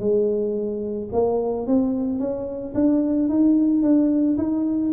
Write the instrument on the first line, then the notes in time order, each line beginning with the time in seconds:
tuba
0.00 G#3
1.13 A#3
1.67 C4
2.19 C#4
2.75 D4
3.29 D#4
3.83 D4
4.38 D#4